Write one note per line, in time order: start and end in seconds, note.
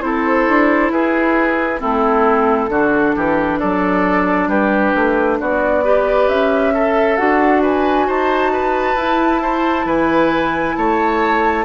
0.00 0.47 C4
0.00 1.79 E4
0.00 0.92 A4
0.00 0.90 C5
0.47 0.90 D4
0.90 1.80 E4
0.90 1.80 G#4
0.90 1.80 B4
1.79 2.68 A3
1.79 2.69 C4
1.79 2.70 E4
1.79 3.59 A4
2.68 3.13 D3
2.68 5.84 D4
2.68 3.15 F#4
3.16 3.61 E3
3.16 3.59 G4
3.59 4.47 F#3
3.59 4.48 A4
3.59 4.49 D5
4.47 4.92 G3
4.47 5.38 G4
4.47 5.39 B4
4.95 5.40 A3
5.39 6.28 B3
5.39 5.84 F#4
5.39 6.28 D5
5.84 6.73 G4
5.84 6.73 B4
6.28 7.17 C#4
6.28 7.16 E5
6.74 7.61 A4
6.74 7.17 A4
7.16 8.08 D4
7.16 8.96 F#4
7.16 7.61 F#5
7.61 8.06 B4
7.61 8.09 G#5
8.07 8.95 D#4
8.07 8.51 C5
8.07 9.88 A5
8.52 9.41 B4
8.95 9.84 E4
8.95 11.65 E4
9.41 9.86 C5
9.85 10.75 E3
9.85 10.75 B4
9.85 10.75 G#5
10.75 11.65 A3
10.75 11.65 C#5
10.75 11.65 A5